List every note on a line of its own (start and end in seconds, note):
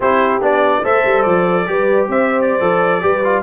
0.00 0.40 C4
0.00 0.41 E4
0.00 0.80 G4
0.00 0.42 C5
0.41 0.82 B3
0.41 0.83 D4
0.41 0.85 D5
0.83 1.04 A3
0.83 1.66 A4
0.83 1.66 C5
0.83 1.22 E5
1.05 1.25 G3
1.22 1.67 F3
1.22 2.06 D5
1.66 2.08 G3
1.66 2.60 G4
1.66 2.08 B4
2.08 2.60 C4
2.08 3.02 C5
2.08 2.41 E5
2.41 3.42 D5
2.60 3.02 F3
2.60 3.01 A4
3.01 3.42 G3
3.01 3.22 G4
3.01 3.42 B4
3.24 3.42 F4